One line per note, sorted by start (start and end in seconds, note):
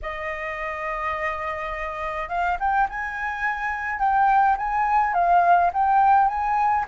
0.02 2.29 D#5
2.29 2.57 F5
2.59 2.88 G5
2.89 3.99 G#5
3.99 4.56 G5
4.57 5.14 G#5
5.14 5.71 F5
5.73 6.28 G5
6.28 6.85 G#5